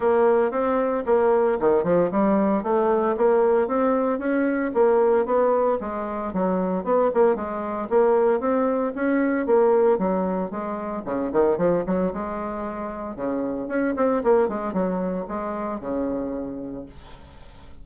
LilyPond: \new Staff \with { instrumentName = "bassoon" } { \time 4/4 \tempo 4 = 114 ais4 c'4 ais4 dis8 f8 | g4 a4 ais4 c'4 | cis'4 ais4 b4 gis4 | fis4 b8 ais8 gis4 ais4 |
c'4 cis'4 ais4 fis4 | gis4 cis8 dis8 f8 fis8 gis4~ | gis4 cis4 cis'8 c'8 ais8 gis8 | fis4 gis4 cis2 | }